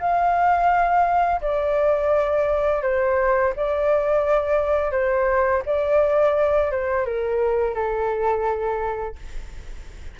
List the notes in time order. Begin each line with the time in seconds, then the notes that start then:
0.00 F5
1.41 D5
2.83 C5
3.56 D5
4.92 C5
5.66 D5
6.72 C5
7.06 A#4
7.75 A4